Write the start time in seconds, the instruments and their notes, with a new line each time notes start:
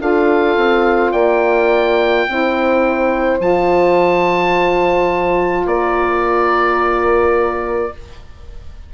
0.00 bassoon D4, saxophone F4, horn A4, oboe F5
0.56 bassoon C4
1.11 bassoon A#3, horn D5, oboe G5
2.28 bassoon C4, saxophone E4, horn C5
3.39 bassoon F3, saxophone F4, oboe A5
5.65 bassoon A#3, horn A#4, oboe D5